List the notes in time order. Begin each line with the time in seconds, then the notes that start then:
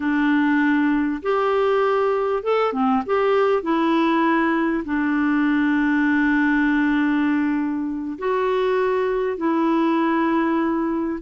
0.00 D4
1.22 G4
2.43 A4
2.72 C4
3.06 G4
3.62 E4
4.84 D4
8.18 F#4
9.37 E4